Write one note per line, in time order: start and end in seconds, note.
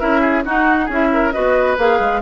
0.00 0.45 C#4
0.00 0.44 E4
0.00 0.21 A#4
0.00 0.45 E5
0.21 0.44 G#4
0.45 0.89 D#4
0.45 0.91 D#4
0.45 0.86 F#4
0.45 0.91 F#5
0.86 1.34 C#4
0.86 1.33 E4
0.86 1.08 G#4
0.94 1.33 E5
1.14 1.34 A#4
1.33 1.78 B3
1.33 1.78 F#4
1.33 2.22 B4
1.33 1.77 D#5
1.78 2.00 A#3
1.78 2.22 G#4
1.78 2.22 F5
2.00 2.22 G#3